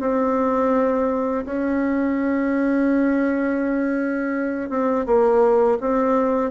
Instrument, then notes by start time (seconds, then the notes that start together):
bassoon
0.00 C4
1.45 C#4
4.70 C4
5.06 A#3
5.80 C4